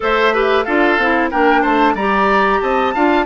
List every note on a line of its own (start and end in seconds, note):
0.00 0.67 A3
0.00 0.32 A4
0.00 0.33 C5
0.00 0.64 E5
0.33 0.65 G4
0.33 0.64 B4
0.64 0.98 D4
0.64 0.99 F4
0.64 1.30 A4
0.64 1.29 F5
0.98 1.30 C4
0.98 1.31 E4
1.30 1.65 A#3
1.30 1.96 D4
1.30 1.61 A#4
1.30 1.62 G5
1.61 1.94 A3
1.61 1.94 C5
1.61 1.95 A5
1.94 2.59 G3
1.94 2.95 G4
1.94 2.60 D5
1.94 2.60 A#5
2.60 2.95 C4
2.60 2.94 D#5
2.60 3.25 A5
2.94 3.25 D4
2.94 3.25 F4
2.94 3.25 F5